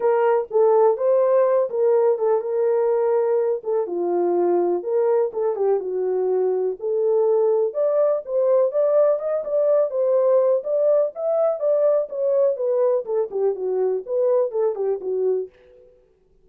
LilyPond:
\new Staff \with { instrumentName = "horn" } { \time 4/4 \tempo 4 = 124 ais'4 a'4 c''4. ais'8~ | ais'8 a'8 ais'2~ ais'8 a'8 | f'2 ais'4 a'8 g'8 | fis'2 a'2 |
d''4 c''4 d''4 dis''8 d''8~ | d''8 c''4. d''4 e''4 | d''4 cis''4 b'4 a'8 g'8 | fis'4 b'4 a'8 g'8 fis'4 | }